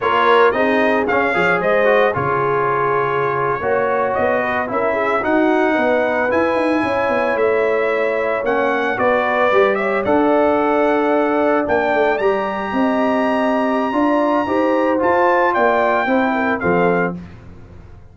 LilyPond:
<<
  \new Staff \with { instrumentName = "trumpet" } { \time 4/4 \tempo 4 = 112 cis''4 dis''4 f''4 dis''4 | cis''2.~ cis''8. dis''16~ | dis''8. e''4 fis''2 gis''16~ | gis''4.~ gis''16 e''2 fis''16~ |
fis''8. d''4. e''8 fis''4~ fis''16~ | fis''4.~ fis''16 g''4 ais''4~ ais''16~ | ais''1 | a''4 g''2 f''4 | }
  \new Staff \with { instrumentName = "horn" } { \time 4/4 ais'4 gis'4. cis''8 c''4 | gis'2~ gis'8. cis''4~ cis''16~ | cis''16 b'8 ais'8 gis'8 fis'4 b'4~ b'16~ | b'8. cis''2.~ cis''16~ |
cis''8. b'4. cis''8 d''4~ d''16~ | d''2.~ d''8. dis''16~ | dis''2 d''4 c''4~ | c''4 d''4 c''8 ais'8 a'4 | }
  \new Staff \with { instrumentName = "trombone" } { \time 4/4 f'4 dis'4 cis'8 gis'4 fis'8 | f'2~ f'8. fis'4~ fis'16~ | fis'8. e'4 dis'2 e'16~ | e'2.~ e'8. cis'16~ |
cis'8. fis'4 g'4 a'4~ a'16~ | a'4.~ a'16 d'4 g'4~ g'16~ | g'2 f'4 g'4 | f'2 e'4 c'4 | }
  \new Staff \with { instrumentName = "tuba" } { \time 4/4 ais4 c'4 cis'8 f8 gis4 | cis2~ cis8. ais4 b16~ | b8. cis'4 dis'4 b4 e'16~ | e'16 dis'8 cis'8 b8 a2 ais16~ |
ais8. b4 g4 d'4~ d'16~ | d'4.~ d'16 ais8 a8 g4 c'16~ | c'2 d'4 dis'4 | f'4 ais4 c'4 f4 | }
>>